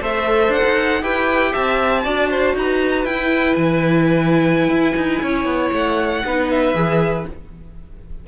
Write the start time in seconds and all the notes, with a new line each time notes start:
0.00 A3 A4 C5 E5
0.48 D4 F#5
0.64 D#4
1.01 E4 G4 B4 G5
1.51 C4 E5 A5
2.03 D4 F#4 D5
2.30 C5
2.54 D#4 B4 A#5
3.04 E4 G5
3.54 E3 G#5
4.68 E4
4.96 D#4
5.22 C#4 C#5
5.45 B3
5.72 A3 F#5
6.24 B3 D#4 B4
6.50 E5
6.74 E3 G#4